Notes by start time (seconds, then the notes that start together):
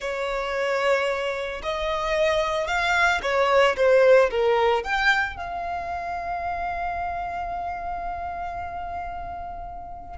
0.00 C#5
1.62 D#5
2.67 F5
3.22 C#5
3.76 C5
4.30 A#4
4.83 G5
5.36 F5